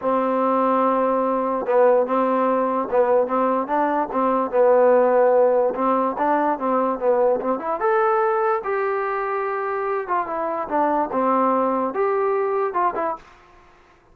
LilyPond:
\new Staff \with { instrumentName = "trombone" } { \time 4/4 \tempo 4 = 146 c'1 | b4 c'2 b4 | c'4 d'4 c'4 b4~ | b2 c'4 d'4 |
c'4 b4 c'8 e'8 a'4~ | a'4 g'2.~ | g'8 f'8 e'4 d'4 c'4~ | c'4 g'2 f'8 e'8 | }